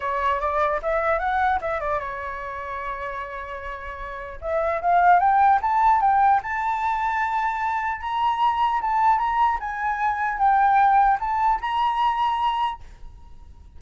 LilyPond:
\new Staff \with { instrumentName = "flute" } { \time 4/4 \tempo 4 = 150 cis''4 d''4 e''4 fis''4 | e''8 d''8 cis''2.~ | cis''2. e''4 | f''4 g''4 a''4 g''4 |
a''1 | ais''2 a''4 ais''4 | gis''2 g''2 | a''4 ais''2. | }